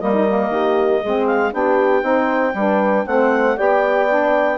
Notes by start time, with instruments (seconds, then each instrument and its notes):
0.00 bassoon G3, saxophone A#3, horn A#4, clarinet D#5
0.14 saxophone D#4
0.27 saxophone A#3
0.50 bassoon D#3, horn G4
1.02 bassoon G#3, saxophone C4, horn G#4
1.26 clarinet F5
1.52 bassoon B3, saxophone D4, horn G4, clarinet G5
2.02 bassoon C4, saxophone D#4, horn C5
2.54 bassoon G3, saxophone D4, horn B4
3.06 bassoon A3, saxophone C4, horn C5, clarinet F#5
3.56 bassoon B3, saxophone G4, horn D5, clarinet G5
4.08 saxophone D4